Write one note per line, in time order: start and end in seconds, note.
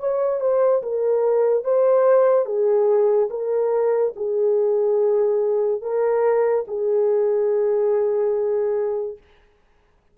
0.00 0.41 C#5
0.41 0.83 C5
0.83 1.64 A#4
1.64 2.46 C5
2.46 3.30 G#4
3.31 4.14 A#4
4.17 5.82 G#4
5.82 6.66 A#4
6.68 9.18 G#4